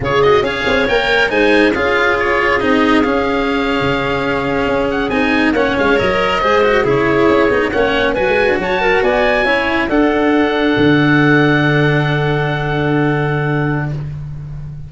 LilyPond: <<
  \new Staff \with { instrumentName = "oboe" } { \time 4/4 \tempo 4 = 138 cis''8 dis''8 f''4 g''4 gis''4 | f''4 cis''4 dis''4 f''4~ | f''2.~ f''16 fis''8 gis''16~ | gis''8. fis''8 f''8 dis''2 cis''16~ |
cis''4.~ cis''16 fis''4 gis''4 a''16~ | a''8. gis''2 fis''4~ fis''16~ | fis''1~ | fis''1 | }
  \new Staff \with { instrumentName = "clarinet" } { \time 4/4 gis'4 cis''2 c''4 | gis'1~ | gis'1~ | gis'8. cis''2 c''4 gis'16~ |
gis'4.~ gis'16 cis''4 b'4 cis''16~ | cis''16 ais'8 d''4 cis''4 a'4~ a'16~ | a'1~ | a'1 | }
  \new Staff \with { instrumentName = "cello" } { \time 4/4 f'8 fis'8 gis'4 ais'4 dis'4 | f'2 dis'4 cis'4~ | cis'2.~ cis'8. dis'16~ | dis'8. cis'4 ais'4 gis'8 fis'8 e'16~ |
e'4~ e'16 dis'8 cis'4 fis'4~ fis'16~ | fis'4.~ fis'16 e'4 d'4~ d'16~ | d'1~ | d'1 | }
  \new Staff \with { instrumentName = "tuba" } { \time 4/4 cis4 cis'8 c'8 ais4 gis4 | cis'2 c'4 cis'4~ | cis'8. cis2 cis'4 c'16~ | c'8. ais8 gis8 fis4 gis4 cis16~ |
cis8. cis'8 b8 ais4 fis16 gis8 d'16 fis16~ | fis8. b4 cis'4 d'4~ d'16~ | d'8. d2.~ d16~ | d1 | }
>>